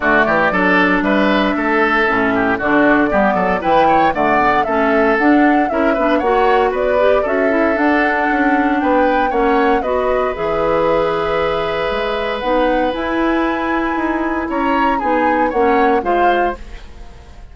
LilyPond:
<<
  \new Staff \with { instrumentName = "flute" } { \time 4/4 \tempo 4 = 116 d''2 e''2~ | e''4 d''2 g''4 | fis''4 e''4 fis''4 e''4 | fis''4 d''4 e''4 fis''4~ |
fis''4 g''4 fis''4 dis''4 | e''1 | fis''4 gis''2. | ais''4 gis''4 fis''4 f''4 | }
  \new Staff \with { instrumentName = "oboe" } { \time 4/4 fis'8 g'8 a'4 b'4 a'4~ | a'8 g'8 fis'4 g'8 a'8 b'8 cis''8 | d''4 a'2 ais'8 b'8 | cis''4 b'4 a'2~ |
a'4 b'4 cis''4 b'4~ | b'1~ | b'1 | cis''4 gis'4 cis''4 c''4 | }
  \new Staff \with { instrumentName = "clarinet" } { \time 4/4 a4 d'2. | cis'4 d'4 b4 e'4 | a8 b8 cis'4 d'4 e'8 d'8 | fis'4. g'8 fis'8 e'8 d'4~ |
d'2 cis'4 fis'4 | gis'1 | dis'4 e'2.~ | e'4 dis'4 cis'4 f'4 | }
  \new Staff \with { instrumentName = "bassoon" } { \time 4/4 d8 e8 fis4 g4 a4 | a,4 d4 g8 fis8 e4 | d4 a4 d'4 cis'8 b8 | ais4 b4 cis'4 d'4 |
cis'4 b4 ais4 b4 | e2. gis4 | b4 e'2 dis'4 | cis'4 b4 ais4 gis4 | }
>>